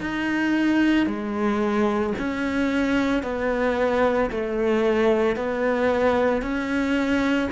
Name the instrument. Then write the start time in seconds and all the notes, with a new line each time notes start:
cello
0.00 D#4
1.06 G#3
2.18 C#4
3.22 B3
4.30 A3
5.36 B3
6.42 C#4